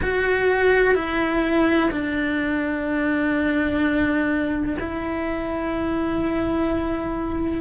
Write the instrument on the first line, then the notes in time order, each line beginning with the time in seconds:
cello
0.02 F#4
0.94 E4
1.90 D4
4.79 E4